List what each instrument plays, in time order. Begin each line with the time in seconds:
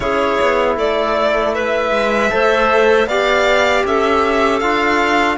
0.00 cello C#4, trombone E4, clarinet G#4, violin C#5
0.40 cello B3
0.76 cello A3, clarinet A4, violin D5
1.54 clarinet B4, violin E5
1.91 cello G#3
2.30 cello A3, trombone A4, clarinet C5
3.06 cello B3, trombone G4, clarinet D5, violin F5
3.84 cello C#4, clarinet A4, violin E5
4.59 cello D4, trombone F4, violin F5